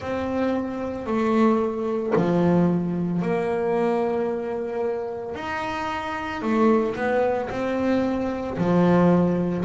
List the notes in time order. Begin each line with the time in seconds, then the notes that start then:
0.00 C4
1.06 A3
2.15 F3
3.21 A#3
5.35 D#4
6.41 A3
6.95 B3
7.50 C4
8.57 F3